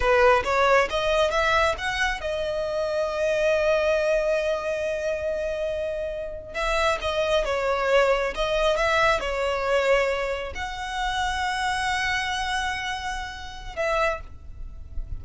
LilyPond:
\new Staff \with { instrumentName = "violin" } { \time 4/4 \tempo 4 = 135 b'4 cis''4 dis''4 e''4 | fis''4 dis''2.~ | dis''1~ | dis''2~ dis''8. e''4 dis''16~ |
dis''8. cis''2 dis''4 e''16~ | e''8. cis''2. fis''16~ | fis''1~ | fis''2. e''4 | }